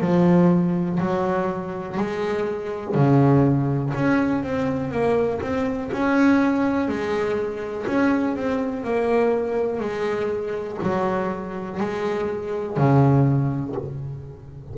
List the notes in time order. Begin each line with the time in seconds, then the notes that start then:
0.00 F3
0.99 F#3
1.97 G#3
2.94 C#3
3.94 C#4
4.43 C4
4.91 A#3
5.41 C4
5.92 C#4
6.88 G#3
7.86 C#4
8.36 C4
8.83 A#3
9.79 G#3
10.82 F#3
11.80 G#3
12.76 C#3